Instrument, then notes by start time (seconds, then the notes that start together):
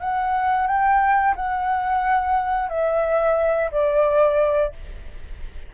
flute
0.00 F#5
0.67 G5
1.35 F#5
2.69 E5
3.71 D5